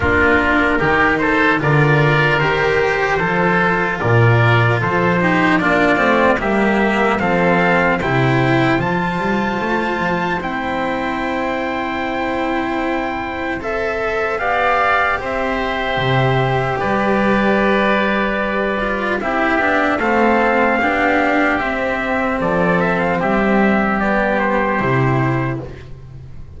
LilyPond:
<<
  \new Staff \with { instrumentName = "trumpet" } { \time 4/4 \tempo 4 = 75 ais'4. c''8 d''4 c''4~ | c''4 d''4 c''4 d''4 | e''4 f''4 g''4 a''4~ | a''4 g''2.~ |
g''4 e''4 f''4 e''4~ | e''4 d''2. | e''4 f''2 e''4 | d''8 e''16 f''16 e''4 d''8 c''4. | }
  \new Staff \with { instrumentName = "oboe" } { \time 4/4 f'4 g'8 a'8 ais'2 | a'4 ais'4 a'8 g'8 f'4 | g'4 a'4 c''2~ | c''1~ |
c''2 d''4 c''4~ | c''4 b'2. | g'4 a'4 g'2 | a'4 g'2. | }
  \new Staff \with { instrumentName = "cello" } { \time 4/4 d'4 dis'4 f'4 g'4 | f'2~ f'8 dis'8 d'8 c'8 | ais4 c'4 e'4 f'4~ | f'4 e'2.~ |
e'4 a'4 g'2~ | g'2.~ g'8 f'8 | e'8 d'8 c'4 d'4 c'4~ | c'2 b4 e'4 | }
  \new Staff \with { instrumentName = "double bass" } { \time 4/4 ais4 dis4 d4 dis4 | f4 ais,4 f4 ais8 a8 | g4 f4 c4 f8 g8 | a8 f8 c'2.~ |
c'2 b4 c'4 | c4 g2. | c'8 b8 a4 b4 c'4 | f4 g2 c4 | }
>>